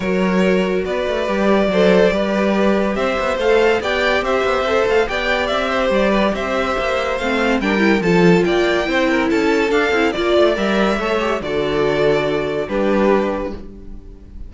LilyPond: <<
  \new Staff \with { instrumentName = "violin" } { \time 4/4 \tempo 4 = 142 cis''2 d''2~ | d''2. e''4 | f''4 g''4 e''4. f''8 | g''4 e''4 d''4 e''4~ |
e''4 f''4 g''4 a''4 | g''2 a''4 f''4 | d''4 e''2 d''4~ | d''2 b'2 | }
  \new Staff \with { instrumentName = "violin" } { \time 4/4 ais'2 b'2 | c''4 b'2 c''4~ | c''4 d''4 c''2 | d''4. c''4 b'8 c''4~ |
c''2 ais'4 a'4 | d''4 c''8 ais'8 a'2 | d''2 cis''4 a'4~ | a'2 g'2 | }
  \new Staff \with { instrumentName = "viola" } { \time 4/4 fis'2. g'4 | a'4 g'2. | a'4 g'2 a'4 | g'1~ |
g'4 c'4 d'8 e'8 f'4~ | f'4 e'2 d'8 e'8 | f'4 ais'4 a'8 g'8 fis'4~ | fis'2 d'2 | }
  \new Staff \with { instrumentName = "cello" } { \time 4/4 fis2 b8 a8 g4 | fis4 g2 c'8 b8 | a4 b4 c'8 b8 c'8 a8 | b4 c'4 g4 c'4 |
ais4 a4 g4 f4 | ais4 c'4 cis'4 d'8 c'8 | ais8 a8 g4 a4 d4~ | d2 g2 | }
>>